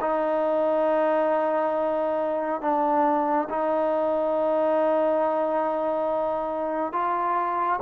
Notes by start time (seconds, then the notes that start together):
0.00 D#4
2.61 D4
3.49 D#4
6.92 F4